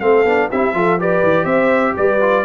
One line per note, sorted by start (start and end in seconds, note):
0.00 0.25 A3
0.00 0.25 C4
0.00 0.49 A4
0.00 0.49 F5
0.25 0.49 B3
0.25 0.50 D4
0.49 0.74 C4
0.49 0.74 E4
0.49 0.74 G4
0.49 1.00 E5
0.74 1.23 F3
0.74 0.98 F4
0.74 1.00 A4
0.99 2.21 G4
0.99 1.45 B4
0.99 1.45 D5
1.23 1.45 E3
1.45 1.94 C4
1.45 1.93 C5
1.45 1.94 E5
1.97 2.45 G3
1.97 2.45 B4
1.97 2.45 D5
2.21 2.45 F4